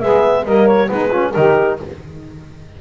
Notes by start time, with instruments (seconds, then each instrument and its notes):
0.00 double bass G#3, trombone B3, saxophone G#4, clarinet E5
0.44 double bass G3, trombone A#3, saxophone A#4, clarinet D#5
0.67 clarinet C#5
0.86 double bass G#3, trombone B3, saxophone D#4, clarinet B4
1.08 trombone C#4, saxophone F4
1.31 double bass D#3, trombone D#4, saxophone G4, clarinet A#4